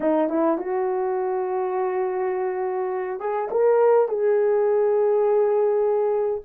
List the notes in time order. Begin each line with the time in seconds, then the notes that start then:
0.00 D#4
0.29 E4
0.57 F#4
3.19 G#4
3.51 A#4
4.08 G#4